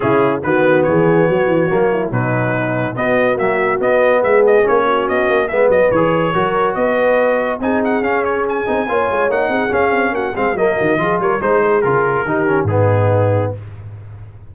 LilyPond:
<<
  \new Staff \with { instrumentName = "trumpet" } { \time 4/4 \tempo 4 = 142 gis'4 b'4 cis''2~ | cis''4 b'2 dis''4 | e''4 dis''4 e''8 dis''8 cis''4 | dis''4 e''8 dis''8 cis''2 |
dis''2 gis''8 fis''8 f''8 cis''8 | gis''2 fis''4 f''4 | fis''8 f''8 dis''4. cis''8 c''4 | ais'2 gis'2 | }
  \new Staff \with { instrumentName = "horn" } { \time 4/4 e'4 fis'4 gis'4 fis'4~ | fis'8 e'8 dis'2 fis'4~ | fis'2 gis'4. fis'8~ | fis'4 b'2 ais'4 |
b'2 gis'2~ | gis'4 cis''4. gis'4. | fis'8 gis'8 ais'8 fis'8 gis'8 ais'8 c''8 gis'8~ | gis'4 g'4 dis'2 | }
  \new Staff \with { instrumentName = "trombone" } { \time 4/4 cis'4 b2. | ais4 fis2 b4 | fis4 b2 cis'4~ | cis'4 b4 gis'4 fis'4~ |
fis'2 dis'4 cis'4~ | cis'8 dis'8 f'4 dis'4 cis'4~ | cis'8 c'8 ais4 f'4 dis'4 | f'4 dis'8 cis'8 b2 | }
  \new Staff \with { instrumentName = "tuba" } { \time 4/4 cis4 dis4 e4 fis8 e8 | fis4 b,2 b4 | ais4 b4 gis4 ais4 | b8 ais8 gis8 fis8 e4 fis4 |
b2 c'4 cis'4~ | cis'8 c'8 ais8 gis8 ais8 c'8 cis'8 c'8 | ais8 gis8 fis8 dis8 f8 g8 gis4 | cis4 dis4 gis,2 | }
>>